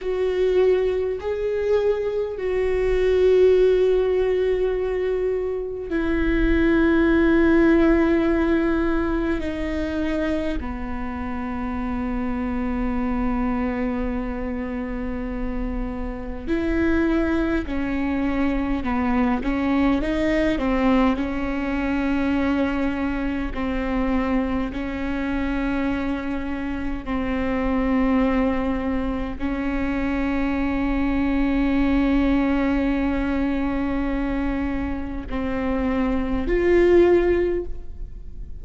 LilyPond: \new Staff \with { instrumentName = "viola" } { \time 4/4 \tempo 4 = 51 fis'4 gis'4 fis'2~ | fis'4 e'2. | dis'4 b2.~ | b2 e'4 cis'4 |
b8 cis'8 dis'8 c'8 cis'2 | c'4 cis'2 c'4~ | c'4 cis'2.~ | cis'2 c'4 f'4 | }